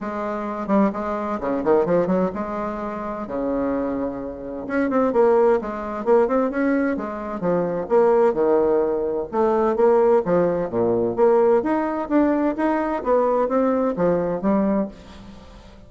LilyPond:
\new Staff \with { instrumentName = "bassoon" } { \time 4/4 \tempo 4 = 129 gis4. g8 gis4 cis8 dis8 | f8 fis8 gis2 cis4~ | cis2 cis'8 c'8 ais4 | gis4 ais8 c'8 cis'4 gis4 |
f4 ais4 dis2 | a4 ais4 f4 ais,4 | ais4 dis'4 d'4 dis'4 | b4 c'4 f4 g4 | }